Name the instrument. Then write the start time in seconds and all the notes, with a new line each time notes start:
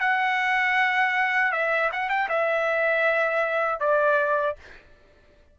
trumpet
0.00 F#5
1.52 E5
1.93 F#5
2.09 G5
2.29 E5
3.80 D5